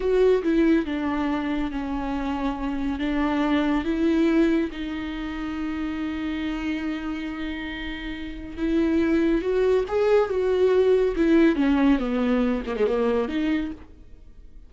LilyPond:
\new Staff \with { instrumentName = "viola" } { \time 4/4 \tempo 4 = 140 fis'4 e'4 d'2 | cis'2. d'4~ | d'4 e'2 dis'4~ | dis'1~ |
dis'1 | e'2 fis'4 gis'4 | fis'2 e'4 cis'4 | b4. ais16 gis16 ais4 dis'4 | }